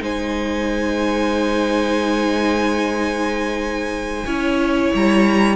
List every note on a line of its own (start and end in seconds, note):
0.00 4.24 G#3
0.00 4.24 D#4
0.00 4.25 C5
0.00 4.93 G#5
4.25 4.91 C#4
4.25 5.56 E4
4.25 5.56 C#5
4.94 5.56 G3
4.94 5.56 A#5